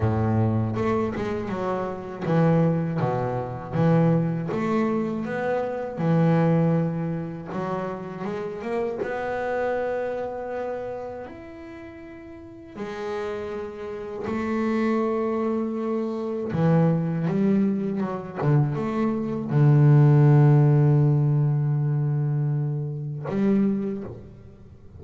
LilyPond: \new Staff \with { instrumentName = "double bass" } { \time 4/4 \tempo 4 = 80 a,4 a8 gis8 fis4 e4 | b,4 e4 a4 b4 | e2 fis4 gis8 ais8 | b2. e'4~ |
e'4 gis2 a4~ | a2 e4 g4 | fis8 d8 a4 d2~ | d2. g4 | }